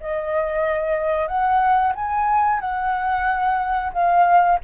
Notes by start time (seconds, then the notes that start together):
0.00 D#5
1.27 F#5
1.95 G#5
2.60 F#5
3.93 F5